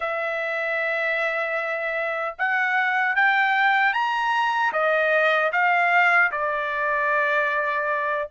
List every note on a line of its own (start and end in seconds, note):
0.00 2.35 E5
2.38 3.15 F#5
3.15 3.93 G5
3.93 4.72 A#5
4.72 5.51 D#5
5.52 6.31 F5
6.31 8.29 D5